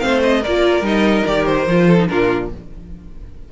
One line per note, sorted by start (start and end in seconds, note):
0.00 0.46 A3
0.00 0.41 C4
0.00 0.42 C5
0.00 0.21 F5
0.24 0.44 D#5
0.42 0.82 A#3
0.42 1.87 A#4
0.42 0.86 D5
0.48 0.84 F4
0.82 1.23 G3
0.82 1.25 D#4
0.82 1.27 D#5
1.27 1.67 D#3
1.27 1.68 G4
1.27 1.46 D5
1.46 2.08 C5
1.67 2.09 F3
1.67 1.99 F4
1.87 2.08 A4
1.99 2.09 D#4
2.08 2.52 A#2
2.08 2.50 D4
2.08 2.52 F4
2.08 2.50 A#4